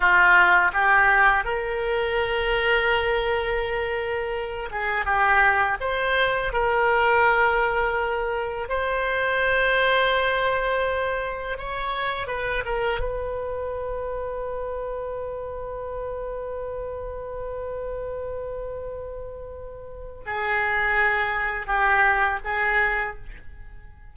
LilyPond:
\new Staff \with { instrumentName = "oboe" } { \time 4/4 \tempo 4 = 83 f'4 g'4 ais'2~ | ais'2~ ais'8 gis'8 g'4 | c''4 ais'2. | c''1 |
cis''4 b'8 ais'8 b'2~ | b'1~ | b'1 | gis'2 g'4 gis'4 | }